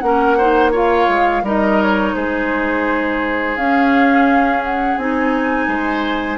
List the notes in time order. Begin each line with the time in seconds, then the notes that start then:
0.00 A#3 C#4 A#4 F#5
0.38 D#4 C5
0.72 F4 C#5 F5
1.08 G#3
1.43 G3 D#4 A#4 D#5
1.83 C#5
2.16 G#3 G#4 C5
3.57 C#4 F5
4.64 F#5
4.97 C4 D#4 G#5
5.68 G#3 C5